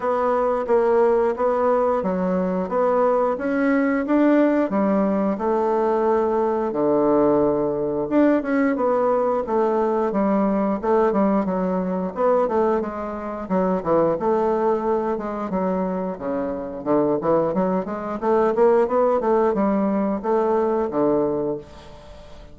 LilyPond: \new Staff \with { instrumentName = "bassoon" } { \time 4/4 \tempo 4 = 89 b4 ais4 b4 fis4 | b4 cis'4 d'4 g4 | a2 d2 | d'8 cis'8 b4 a4 g4 |
a8 g8 fis4 b8 a8 gis4 | fis8 e8 a4. gis8 fis4 | cis4 d8 e8 fis8 gis8 a8 ais8 | b8 a8 g4 a4 d4 | }